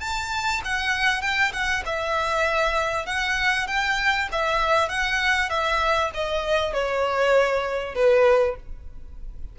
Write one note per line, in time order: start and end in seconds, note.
0.00 0.61 A5
0.65 1.21 F#5
1.21 1.52 G5
1.53 1.83 F#5
1.85 3.06 E5
3.06 3.67 F#5
3.67 4.28 G5
4.32 4.89 E5
4.89 5.49 F#5
5.49 6.11 E5
6.14 6.73 D#5
6.73 7.95 C#5
7.95 8.56 B4